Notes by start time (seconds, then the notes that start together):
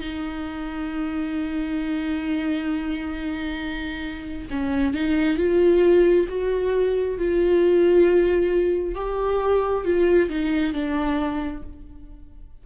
0.00 D#4
4.50 C#4
4.93 D#4
5.37 F4
6.28 F#4
7.18 F4
8.95 G4
9.85 F4
10.29 D#4
10.73 D4